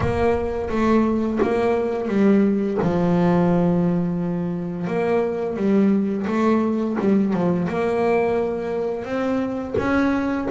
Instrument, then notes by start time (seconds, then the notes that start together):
double bass
0.00 A#3
0.69 A3
1.42 A#3
2.08 G3
2.82 F3
4.87 A#3
5.56 G3
6.27 A3
7.00 G3
7.33 F3
7.68 A#3
9.04 C4
9.78 C#4